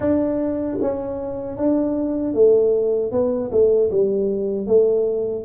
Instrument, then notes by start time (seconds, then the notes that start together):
tuba
0.00 D4
0.81 C#4
1.57 D4
2.34 A3
3.11 B3
3.51 A3
3.91 G3
4.66 A3